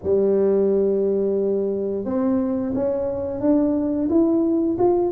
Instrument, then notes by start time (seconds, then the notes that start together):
tuba
0.03 G3
2.05 C4
2.74 C#4
3.40 D4
4.09 E4
4.78 F4